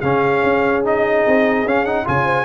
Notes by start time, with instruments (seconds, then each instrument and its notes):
0.00 tuba C#3, trombone C#4, horn G#4, trumpet F5
0.43 tuba C#4
0.84 trombone D#4, trumpet D#5
1.27 tuba C4
1.65 tuba C#4, trombone C#4, trumpet F5
1.85 trombone D#4, trumpet F#5
2.05 tuba C#3, trombone F4, horn C#5, trumpet G#5
2.24 horn C5